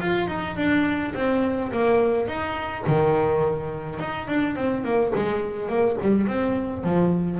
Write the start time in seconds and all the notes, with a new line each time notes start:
0.00 F4
0.28 D#4
0.56 D4
1.14 C4
1.72 A#3
2.28 D#4
2.86 D#3
3.99 D#4
4.27 D4
4.55 C4
4.84 A#3
5.15 G#3
5.69 A#3
6.01 G3
6.27 C4
6.83 F3